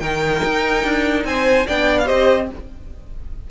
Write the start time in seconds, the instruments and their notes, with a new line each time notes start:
0.00 cello D#3, viola D#4, violin A#4 G5
0.45 cello D#4
0.84 cello D4
1.25 cello C4, violin C5 G#5
1.67 cello B3, viola D4, violin D5 G5
1.98 violin F5
2.06 cello C4, viola G4, violin C5 D#5